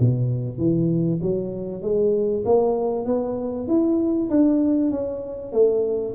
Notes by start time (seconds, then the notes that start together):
0.00 B2
0.58 E3
1.22 F#3
1.82 G#3
2.45 A#3
3.06 B3
3.68 E4
4.30 D4
4.91 C#4
5.53 A3